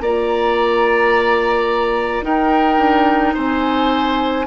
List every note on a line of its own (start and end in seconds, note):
0.00 2.22 A#3
0.00 2.22 F4
0.00 2.24 D5
0.00 2.22 A#5
2.22 4.44 D#4
2.22 2.77 D#4
2.22 3.34 A#4
2.22 3.34 G5
2.77 3.33 D4
3.34 4.46 C4
3.34 4.45 C5
3.34 4.46 G#5